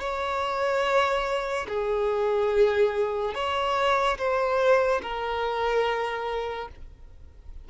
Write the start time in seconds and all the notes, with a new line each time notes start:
0.00 C#5
1.68 G#4
3.34 C#5
4.18 C5
5.02 A#4